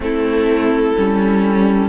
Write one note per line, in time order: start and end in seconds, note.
0.00 0.92 A3
0.00 0.95 C4
0.00 1.89 E4
0.00 1.89 A4
0.97 1.89 G3
0.97 1.89 C#4